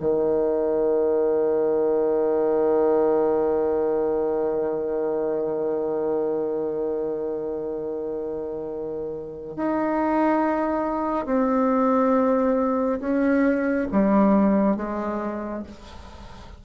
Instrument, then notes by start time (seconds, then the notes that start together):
bassoon
0.00 D#3
9.56 D#4
11.26 C4
13.00 C#4
13.91 G3
14.76 G#3